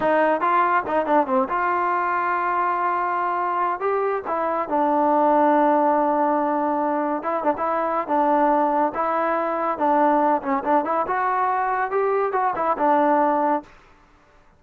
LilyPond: \new Staff \with { instrumentName = "trombone" } { \time 4/4 \tempo 4 = 141 dis'4 f'4 dis'8 d'8 c'8 f'8~ | f'1~ | f'4 g'4 e'4 d'4~ | d'1~ |
d'4 e'8 d'16 e'4~ e'16 d'4~ | d'4 e'2 d'4~ | d'8 cis'8 d'8 e'8 fis'2 | g'4 fis'8 e'8 d'2 | }